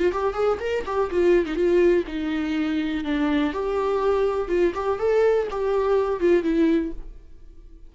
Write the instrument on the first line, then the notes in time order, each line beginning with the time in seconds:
viola
0.00 F4
0.13 G4
0.34 G#4
0.61 A#4
0.86 G4
1.11 F4
1.47 D#4
1.56 F4
2.08 D#4
3.05 D4
3.54 G4
4.49 F4
4.75 G4
5.00 A4
5.51 G4
6.21 F4
6.44 E4